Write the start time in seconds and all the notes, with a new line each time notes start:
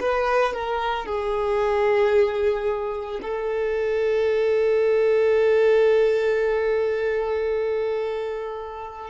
0.00 B4
0.54 A#4
1.06 G#4
3.22 A4